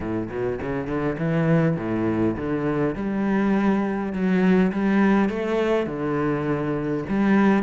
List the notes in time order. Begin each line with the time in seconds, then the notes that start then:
0.00 A2
0.30 B2
0.61 C#3
0.87 D3
1.18 E3
1.76 A2
2.36 D3
2.95 G3
4.13 F#3
4.72 G3
5.29 A3
5.86 D3
7.08 G3